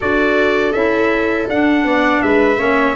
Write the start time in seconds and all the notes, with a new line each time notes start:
0.00 D4 F#4 A4 D5
0.72 C#4 E4 E5
1.47 D4 F#5
1.84 B3 D5
2.22 G#3 B4 E5
2.57 A#3 C#4 C#5